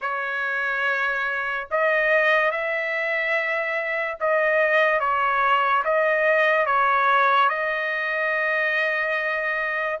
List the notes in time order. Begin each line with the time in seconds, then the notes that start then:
0.01 C#5
1.70 D#5
2.51 E5
4.19 D#5
5.00 C#5
5.84 D#5
6.66 C#5
7.49 D#5